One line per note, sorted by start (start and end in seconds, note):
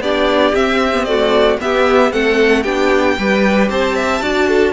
0.00 0.53 B3
0.00 0.54 D4
0.00 1.08 G4
0.00 0.55 D5
0.54 0.93 C4
0.54 1.60 C4
0.54 1.05 E5
0.93 1.07 B3
1.05 1.59 A3
1.05 1.61 F#4
1.05 1.57 D5
1.59 2.11 B3
1.59 2.13 B3
1.59 2.13 G4
1.59 2.12 E5
2.11 2.65 A3
2.11 2.64 C4
2.11 2.63 A4
2.11 2.63 F#5
2.63 3.17 B3
2.63 3.18 D4
2.63 3.15 G4
2.63 3.68 G5
3.19 3.70 G3
3.19 4.22 G4
3.19 3.70 B4
3.70 4.21 C4
3.70 3.96 C5
3.70 4.72 A5
3.96 4.21 E5
4.21 4.72 D4
4.21 4.72 F#4
4.21 4.48 D5
4.48 4.72 A4